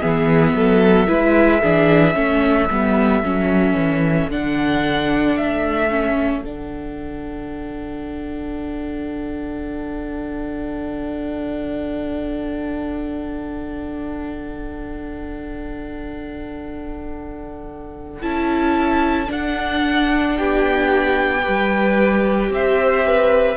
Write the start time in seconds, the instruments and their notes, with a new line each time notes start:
0.00 cello E3, viola B3, violin G#4 E5
0.53 cello F#3, violin A4
1.06 cello G#3, viola E4, violin B4
1.60 cello E3, viola D4, violin G#4
2.14 cello A3, viola C#4, violin A4
2.69 cello G3, viola B3
3.22 cello F#3, viola C#4
3.73 cello E3
4.29 cello D3, viola D4, violin F#5
5.36 cello A3, violin E5
5.90 viola C#4
6.42 cello D3, viola D4, violin F#5
18.21 cello C#4, viola E4, violin A5
19.27 viola D4, cello D4, violin F#5
20.37 cello B3, violin G4 G5
21.42 cello G3, viola G4, violin B4
22.49 cello C4, violin C5 E5
23.06 violin B4